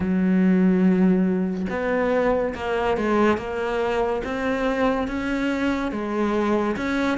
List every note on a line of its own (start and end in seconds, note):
0.00 1.66 F#3
1.69 2.54 B3
2.54 2.97 A#3
2.97 3.37 G#3
3.37 4.22 A#3
4.23 5.07 C4
5.07 5.91 C#4
5.91 6.76 G#3
6.76 7.18 C#4